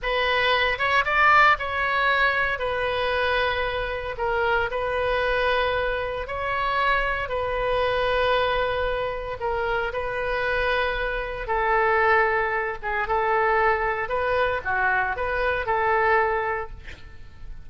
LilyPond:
\new Staff \with { instrumentName = "oboe" } { \time 4/4 \tempo 4 = 115 b'4. cis''8 d''4 cis''4~ | cis''4 b'2. | ais'4 b'2. | cis''2 b'2~ |
b'2 ais'4 b'4~ | b'2 a'2~ | a'8 gis'8 a'2 b'4 | fis'4 b'4 a'2 | }